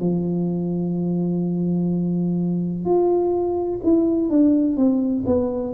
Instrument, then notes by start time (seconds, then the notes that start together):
tuba
0.00 F3
2.85 F4
3.83 E4
4.29 D4
4.77 C4
5.26 B3